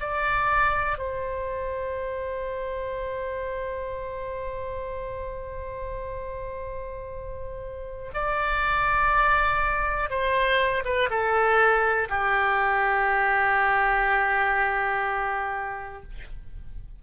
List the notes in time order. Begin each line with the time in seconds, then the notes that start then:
0.00 D5
0.98 C5
8.13 D5
10.10 C5
10.85 B4
11.10 A4
12.09 G4